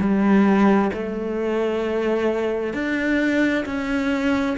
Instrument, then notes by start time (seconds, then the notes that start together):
cello
0.00 G3
0.93 A3
2.74 D4
3.66 C#4